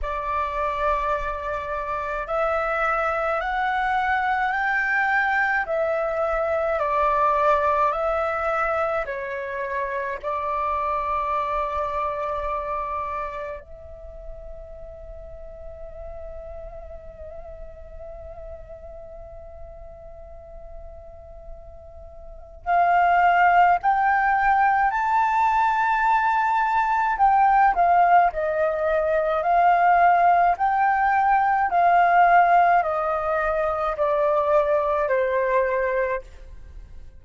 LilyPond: \new Staff \with { instrumentName = "flute" } { \time 4/4 \tempo 4 = 53 d''2 e''4 fis''4 | g''4 e''4 d''4 e''4 | cis''4 d''2. | e''1~ |
e''1 | f''4 g''4 a''2 | g''8 f''8 dis''4 f''4 g''4 | f''4 dis''4 d''4 c''4 | }